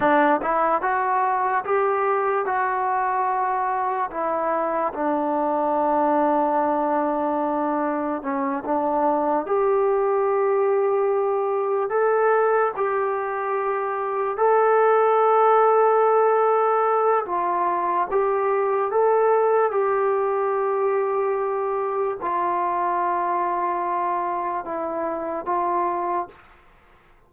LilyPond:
\new Staff \with { instrumentName = "trombone" } { \time 4/4 \tempo 4 = 73 d'8 e'8 fis'4 g'4 fis'4~ | fis'4 e'4 d'2~ | d'2 cis'8 d'4 g'8~ | g'2~ g'8 a'4 g'8~ |
g'4. a'2~ a'8~ | a'4 f'4 g'4 a'4 | g'2. f'4~ | f'2 e'4 f'4 | }